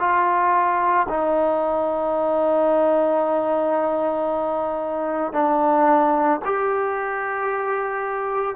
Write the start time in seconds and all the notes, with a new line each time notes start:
0.00 F4
1.10 D#4
5.33 D4
6.45 G4